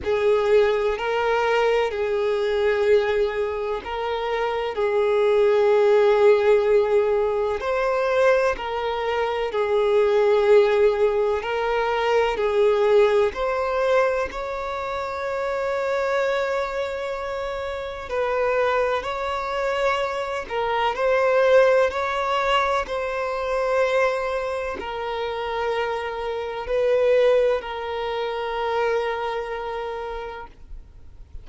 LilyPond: \new Staff \with { instrumentName = "violin" } { \time 4/4 \tempo 4 = 63 gis'4 ais'4 gis'2 | ais'4 gis'2. | c''4 ais'4 gis'2 | ais'4 gis'4 c''4 cis''4~ |
cis''2. b'4 | cis''4. ais'8 c''4 cis''4 | c''2 ais'2 | b'4 ais'2. | }